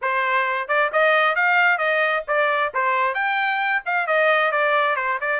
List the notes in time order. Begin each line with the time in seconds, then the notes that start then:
0.01 C5
0.68 D5
0.92 D#5
1.35 F5
1.78 D#5
2.27 D5
2.74 C5
3.14 G5
3.85 F5
4.07 D#5
4.51 D5
4.96 C5
5.20 D5